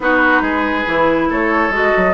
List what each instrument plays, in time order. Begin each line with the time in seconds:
0.00 bassoon B3, clarinet D#4, oboe F#4, flute B4
0.41 bassoon G#3, oboe G#4
0.86 bassoon E3, clarinet E4
1.29 bassoon A3, oboe A4, flute C#5
1.69 bassoon G#3, clarinet F#4, flute D#5
1.96 bassoon F#3